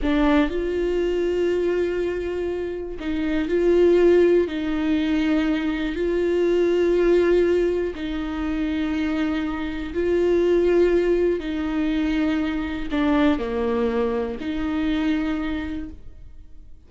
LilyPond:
\new Staff \with { instrumentName = "viola" } { \time 4/4 \tempo 4 = 121 d'4 f'2.~ | f'2 dis'4 f'4~ | f'4 dis'2. | f'1 |
dis'1 | f'2. dis'4~ | dis'2 d'4 ais4~ | ais4 dis'2. | }